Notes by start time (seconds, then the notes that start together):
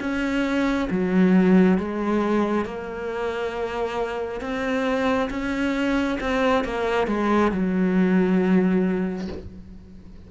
0.00 C#4
0.90 F#3
1.78 G#3
2.65 A#3
4.41 C4
5.30 C#4
6.20 C4
6.64 A#3
7.07 G#3
7.51 F#3